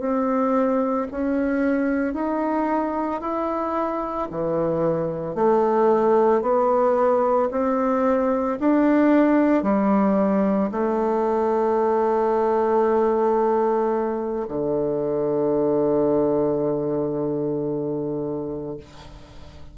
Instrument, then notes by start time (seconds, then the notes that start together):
bassoon
0.00 C4
1.11 C#4
2.14 D#4
3.21 E4
4.31 E3
5.35 A3
6.42 B3
7.51 C4
8.60 D4
9.63 G3
10.71 A3
14.48 D3